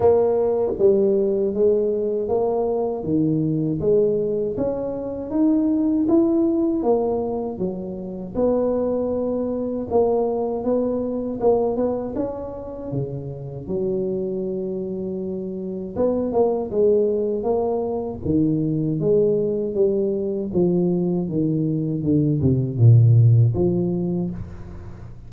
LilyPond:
\new Staff \with { instrumentName = "tuba" } { \time 4/4 \tempo 4 = 79 ais4 g4 gis4 ais4 | dis4 gis4 cis'4 dis'4 | e'4 ais4 fis4 b4~ | b4 ais4 b4 ais8 b8 |
cis'4 cis4 fis2~ | fis4 b8 ais8 gis4 ais4 | dis4 gis4 g4 f4 | dis4 d8 c8 ais,4 f4 | }